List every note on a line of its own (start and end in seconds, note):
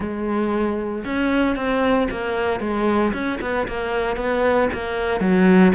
0.00 1.04 G#3
1.05 1.55 C#4
1.55 2.08 C4
2.10 2.60 A#3
2.60 3.12 G#3
3.13 3.39 C#4
3.41 3.67 B3
3.67 4.16 A#3
4.16 4.68 B3
4.73 5.20 A#3
5.20 5.72 F#3